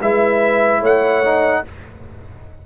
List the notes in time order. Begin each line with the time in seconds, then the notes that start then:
0.00 G#3 E4 B4 E5
0.80 A3 C#5 F#5
1.24 D#4